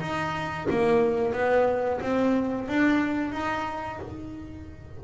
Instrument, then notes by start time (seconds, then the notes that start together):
double bass
0.00 D#4
0.70 A#3
1.33 B3
2.01 C4
2.68 D4
3.32 D#4